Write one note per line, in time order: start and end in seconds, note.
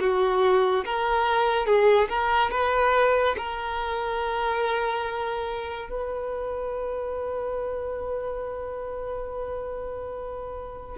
0.00 0.85 F#4
0.85 1.66 A#4
1.66 2.09 G#4
2.09 2.51 A#4
2.51 3.35 B4
3.38 5.90 A#4
5.90 10.97 B4